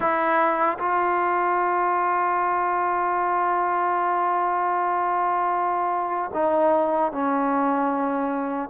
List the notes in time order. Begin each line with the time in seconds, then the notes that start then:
0.00 E4
0.78 F4
6.33 D#4
7.12 C#4